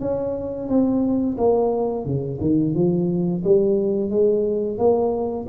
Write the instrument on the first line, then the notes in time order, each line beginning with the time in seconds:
tuba
0.00 C#4
0.68 C4
1.38 A#3
2.05 C#3
2.40 D#3
2.74 F3
3.44 G3
4.10 G#3
4.78 A#3